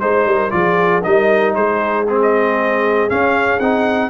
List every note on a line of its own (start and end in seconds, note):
0.00 0.26 G#3
0.00 0.51 D#4
0.00 0.51 C5
0.00 0.27 C5
0.26 0.52 G3
0.26 0.53 A#4
0.51 1.04 F3
0.51 1.02 F4
0.51 1.06 G#4
0.51 1.03 D5
1.03 1.56 G3
1.03 2.07 D#4
1.03 1.55 A#4
1.03 1.55 D#5
1.55 3.10 G#3
1.55 4.11 G#4
1.55 2.07 C5
2.08 3.10 C4
2.08 2.21 G#4
2.23 3.10 D#5
3.10 3.61 C#4
3.10 3.60 C#4
3.10 3.60 F5
3.60 4.11 C4
3.60 4.11 D#4
3.60 4.11 F#5